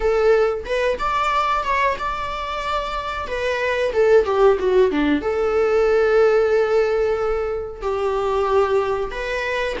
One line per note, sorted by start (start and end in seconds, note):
0.00 0.64 A4
0.65 0.98 B4
0.98 1.63 D5
1.63 1.96 C#5
1.99 3.27 D5
3.27 3.92 B4
3.92 4.25 A4
4.25 4.57 G4
4.59 4.91 F#4
4.91 5.21 D4
5.21 7.81 A4
7.81 9.11 G4
9.11 9.76 B4